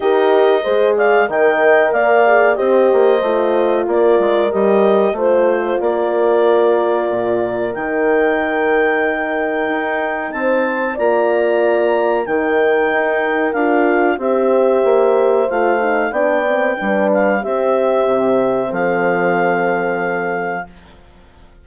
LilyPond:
<<
  \new Staff \with { instrumentName = "clarinet" } { \time 4/4 \tempo 4 = 93 dis''4. f''8 g''4 f''4 | dis''2 d''4 dis''4 | c''4 d''2. | g''1 |
a''4 ais''2 g''4~ | g''4 f''4 e''2 | f''4 g''4. f''8 e''4~ | e''4 f''2. | }
  \new Staff \with { instrumentName = "horn" } { \time 4/4 ais'4 c''8 d''8 dis''4 d''4 | c''2 ais'2 | c''4 ais'2.~ | ais'1 |
c''4 d''2 ais'4~ | ais'2 c''2~ | c''4 d''4 b'4 g'4~ | g'4 a'2. | }
  \new Staff \with { instrumentName = "horn" } { \time 4/4 g'4 gis'4 ais'4. gis'8 | g'4 f'2 g'4 | f'1 | dis'1~ |
dis'4 f'2 dis'4~ | dis'4 f'4 g'2 | f'8 dis'8 d'8 c'8 d'4 c'4~ | c'1 | }
  \new Staff \with { instrumentName = "bassoon" } { \time 4/4 dis'4 gis4 dis4 ais4 | c'8 ais8 a4 ais8 gis8 g4 | a4 ais2 ais,4 | dis2. dis'4 |
c'4 ais2 dis4 | dis'4 d'4 c'4 ais4 | a4 b4 g4 c'4 | c4 f2. | }
>>